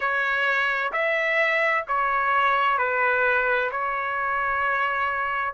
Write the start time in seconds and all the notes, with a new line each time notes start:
0.00 C#5
0.92 E5
1.87 C#5
2.78 B4
3.71 C#5